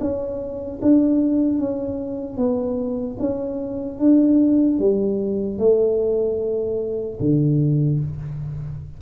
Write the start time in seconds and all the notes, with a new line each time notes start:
0.00 C#4
0.82 D4
1.59 C#4
2.37 B3
3.19 C#4
3.99 D4
4.79 G3
5.58 A3
7.20 D3